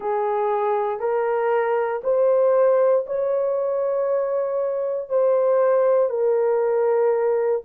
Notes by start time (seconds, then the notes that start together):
0.00 G#4
0.99 A#4
2.03 C5
3.06 C#5
5.09 C5
6.09 A#4